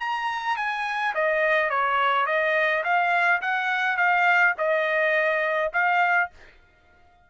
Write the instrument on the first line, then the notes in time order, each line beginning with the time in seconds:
trumpet
0.00 A#5
0.57 G#5
1.15 D#5
1.70 C#5
2.26 D#5
2.84 F5
3.42 F#5
3.97 F5
4.58 D#5
5.73 F5